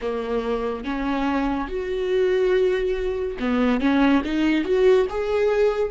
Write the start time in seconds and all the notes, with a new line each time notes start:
0.01 A#3
0.84 C#4
1.68 F#4
3.39 B3
3.80 C#4
4.24 D#4
4.64 F#4
5.09 G#4